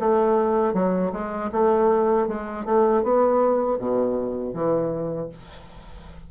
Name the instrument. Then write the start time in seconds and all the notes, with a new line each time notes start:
bassoon
0.00 A3
0.74 F#3
1.13 G#3
1.52 A3
2.28 G#3
2.65 A3
3.03 B3
3.79 B2
4.54 E3